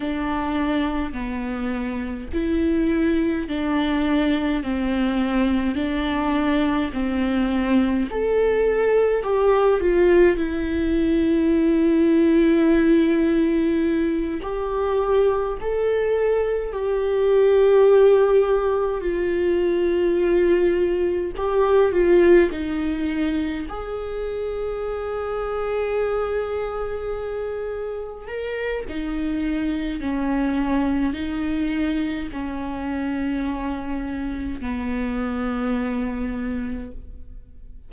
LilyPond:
\new Staff \with { instrumentName = "viola" } { \time 4/4 \tempo 4 = 52 d'4 b4 e'4 d'4 | c'4 d'4 c'4 a'4 | g'8 f'8 e'2.~ | e'8 g'4 a'4 g'4.~ |
g'8 f'2 g'8 f'8 dis'8~ | dis'8 gis'2.~ gis'8~ | gis'8 ais'8 dis'4 cis'4 dis'4 | cis'2 b2 | }